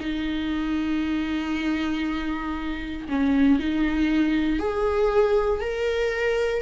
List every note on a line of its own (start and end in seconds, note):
0.00 3.08 D#4
3.09 3.59 C#4
3.59 4.59 D#4
4.59 5.61 G#4
5.61 6.62 A#4